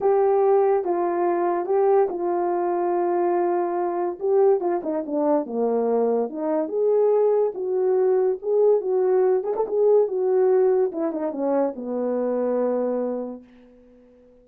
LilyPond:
\new Staff \with { instrumentName = "horn" } { \time 4/4 \tempo 4 = 143 g'2 f'2 | g'4 f'2.~ | f'2 g'4 f'8 dis'8 | d'4 ais2 dis'4 |
gis'2 fis'2 | gis'4 fis'4. gis'16 a'16 gis'4 | fis'2 e'8 dis'8 cis'4 | b1 | }